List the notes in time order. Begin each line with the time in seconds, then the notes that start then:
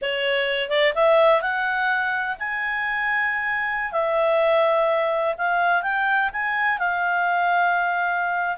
0.01 C#5
0.69 D5
0.94 E5
1.41 F#5
2.39 G#5
3.92 E5
5.37 F5
5.82 G5
6.32 G#5
6.78 F5